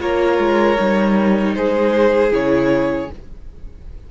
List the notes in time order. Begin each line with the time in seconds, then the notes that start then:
0.00 A#3 F4 A#4 C#5
0.38 G#3
0.78 G3 D#4
1.55 G#3 G#4 C5
2.31 C#3 E4 C#5